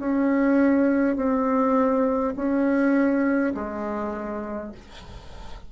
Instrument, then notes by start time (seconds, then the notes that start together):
bassoon
0.00 C#4
1.17 C4
2.36 C#4
3.55 G#3